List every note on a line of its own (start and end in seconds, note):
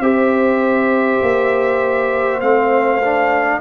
0.00 1.20 C4
0.00 2.42 G4
0.00 3.61 C5
0.00 2.40 E5
1.22 2.42 A#3
2.41 3.61 A3
2.41 3.02 C4
2.41 3.61 F5
3.02 3.61 D4